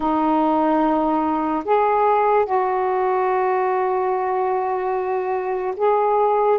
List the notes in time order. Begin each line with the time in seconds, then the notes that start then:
0.00 D#4
1.64 G#4
2.45 F#4
5.76 G#4